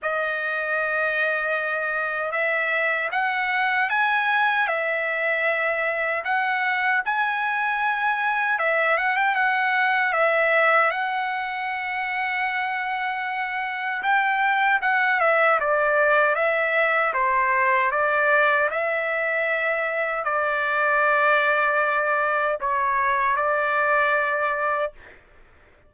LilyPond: \new Staff \with { instrumentName = "trumpet" } { \time 4/4 \tempo 4 = 77 dis''2. e''4 | fis''4 gis''4 e''2 | fis''4 gis''2 e''8 fis''16 g''16 | fis''4 e''4 fis''2~ |
fis''2 g''4 fis''8 e''8 | d''4 e''4 c''4 d''4 | e''2 d''2~ | d''4 cis''4 d''2 | }